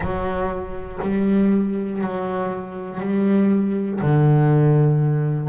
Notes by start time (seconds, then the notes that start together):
0.00 F#3
1.01 G3
2.00 F#3
3.00 G3
4.00 D3